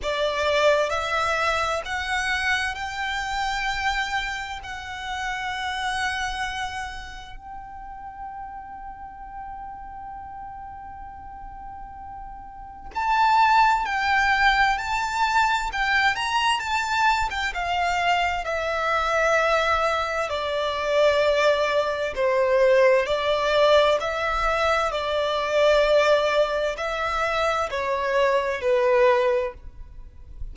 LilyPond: \new Staff \with { instrumentName = "violin" } { \time 4/4 \tempo 4 = 65 d''4 e''4 fis''4 g''4~ | g''4 fis''2. | g''1~ | g''2 a''4 g''4 |
a''4 g''8 ais''8 a''8. g''16 f''4 | e''2 d''2 | c''4 d''4 e''4 d''4~ | d''4 e''4 cis''4 b'4 | }